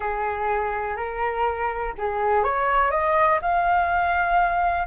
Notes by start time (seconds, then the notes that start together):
0.00 G#4
0.96 A#4
1.98 G#4
2.43 C#5
2.90 D#5
3.41 F5